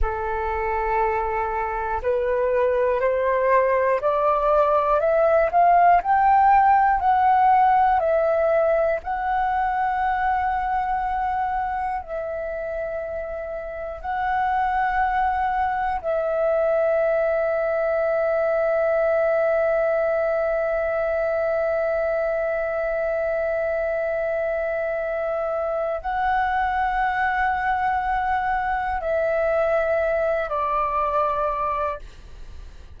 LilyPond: \new Staff \with { instrumentName = "flute" } { \time 4/4 \tempo 4 = 60 a'2 b'4 c''4 | d''4 e''8 f''8 g''4 fis''4 | e''4 fis''2. | e''2 fis''2 |
e''1~ | e''1~ | e''2 fis''2~ | fis''4 e''4. d''4. | }